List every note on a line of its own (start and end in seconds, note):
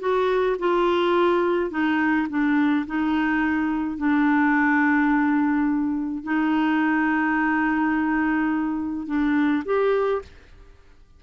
0.00 0.57 F#4
0.59 1.71 F4
1.71 2.27 D#4
2.29 2.86 D4
2.87 3.97 D#4
3.97 6.23 D4
6.23 9.06 D#4
9.07 9.63 D4
9.65 10.22 G4